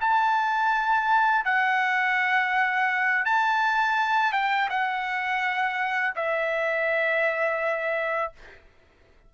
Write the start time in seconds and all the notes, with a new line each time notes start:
0.00 A5
1.45 F#5
3.25 A5
4.32 G5
4.69 F#5
6.15 E5